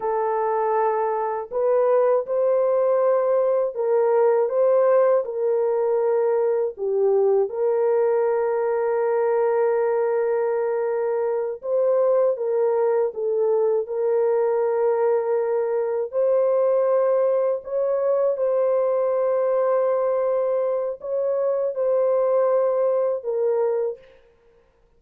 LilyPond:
\new Staff \with { instrumentName = "horn" } { \time 4/4 \tempo 4 = 80 a'2 b'4 c''4~ | c''4 ais'4 c''4 ais'4~ | ais'4 g'4 ais'2~ | ais'2.~ ais'8 c''8~ |
c''8 ais'4 a'4 ais'4.~ | ais'4. c''2 cis''8~ | cis''8 c''2.~ c''8 | cis''4 c''2 ais'4 | }